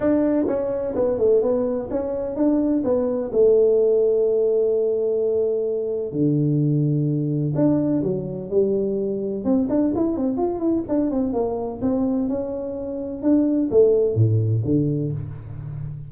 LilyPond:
\new Staff \with { instrumentName = "tuba" } { \time 4/4 \tempo 4 = 127 d'4 cis'4 b8 a8 b4 | cis'4 d'4 b4 a4~ | a1~ | a4 d2. |
d'4 fis4 g2 | c'8 d'8 e'8 c'8 f'8 e'8 d'8 c'8 | ais4 c'4 cis'2 | d'4 a4 a,4 d4 | }